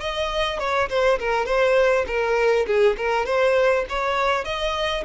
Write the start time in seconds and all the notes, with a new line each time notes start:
0.00 D#5
0.59 C#5
0.89 C5
1.19 A#4
1.46 C5
2.07 A#4
2.67 G#4
2.98 A#4
3.26 C5
3.89 C#5
4.45 D#5